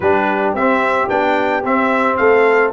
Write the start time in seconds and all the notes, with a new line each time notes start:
0.00 G3 D4 G4 B4
0.54 C4 E5
1.08 B3 D4 G5
1.63 C4 E5
2.16 A3 A4 F5